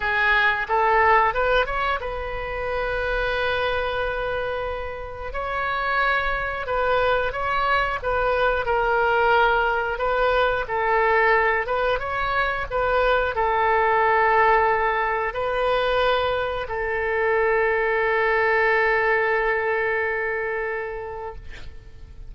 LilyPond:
\new Staff \with { instrumentName = "oboe" } { \time 4/4 \tempo 4 = 90 gis'4 a'4 b'8 cis''8 b'4~ | b'1 | cis''2 b'4 cis''4 | b'4 ais'2 b'4 |
a'4. b'8 cis''4 b'4 | a'2. b'4~ | b'4 a'2.~ | a'1 | }